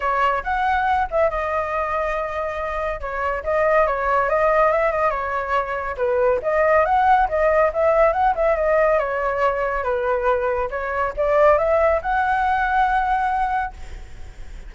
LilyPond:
\new Staff \with { instrumentName = "flute" } { \time 4/4 \tempo 4 = 140 cis''4 fis''4. e''8 dis''4~ | dis''2. cis''4 | dis''4 cis''4 dis''4 e''8 dis''8 | cis''2 b'4 dis''4 |
fis''4 dis''4 e''4 fis''8 e''8 | dis''4 cis''2 b'4~ | b'4 cis''4 d''4 e''4 | fis''1 | }